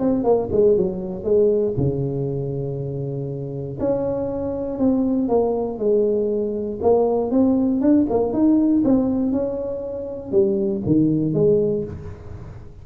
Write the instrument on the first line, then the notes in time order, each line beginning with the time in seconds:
tuba
0.00 C4
0.24 A#3
0.52 G#3
0.78 F#3
1.24 G#3
1.77 C#3
3.80 C#4
4.79 C4
5.29 A#3
5.79 G#3
6.82 A#3
7.31 C4
7.82 D4
8.10 A#3
8.34 D#4
8.85 C4
9.33 C#4
10.32 G3
10.86 D#3
11.34 G#3